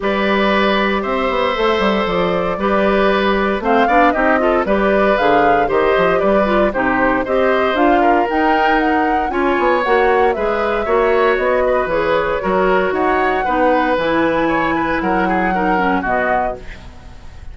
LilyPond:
<<
  \new Staff \with { instrumentName = "flute" } { \time 4/4 \tempo 4 = 116 d''2 e''2 | d''2. f''4 | dis''4 d''4 f''4 dis''4 | d''4 c''4 dis''4 f''4 |
g''4 fis''4 gis''4 fis''4 | e''2 dis''4 cis''4~ | cis''4 fis''2 gis''4~ | gis''4 fis''2 dis''4 | }
  \new Staff \with { instrumentName = "oboe" } { \time 4/4 b'2 c''2~ | c''4 b'2 c''8 d''8 | g'8 a'8 b'2 c''4 | b'4 g'4 c''4. ais'8~ |
ais'2 cis''2 | b'4 cis''4. b'4. | ais'4 cis''4 b'2 | cis''8 b'8 ais'8 gis'8 ais'4 fis'4 | }
  \new Staff \with { instrumentName = "clarinet" } { \time 4/4 g'2. a'4~ | a'4 g'2 c'8 d'8 | dis'8 f'8 g'4 gis'4 g'4~ | g'8 f'8 dis'4 g'4 f'4 |
dis'2 f'4 fis'4 | gis'4 fis'2 gis'4 | fis'2 dis'4 e'4~ | e'2 dis'8 cis'8 b4 | }
  \new Staff \with { instrumentName = "bassoon" } { \time 4/4 g2 c'8 b8 a8 g8 | f4 g2 a8 b8 | c'4 g4 d4 dis8 f8 | g4 c4 c'4 d'4 |
dis'2 cis'8 b8 ais4 | gis4 ais4 b4 e4 | fis4 dis'4 b4 e4~ | e4 fis2 b,4 | }
>>